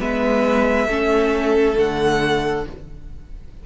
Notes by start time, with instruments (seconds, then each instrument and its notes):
0.00 cello G#3, viola B3, violin B4 E5
0.87 cello A3, viola C#4, violin A4
1.75 cello D3, viola A3, violin F#5